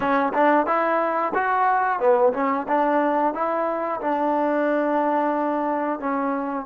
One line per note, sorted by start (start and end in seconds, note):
0.00 0.32 C#4
0.33 0.66 D4
0.66 1.32 E4
1.34 1.99 F#4
1.99 2.32 B3
2.33 2.66 C#4
2.68 3.33 D4
3.33 4.00 E4
4.00 5.99 D4
5.99 6.65 C#4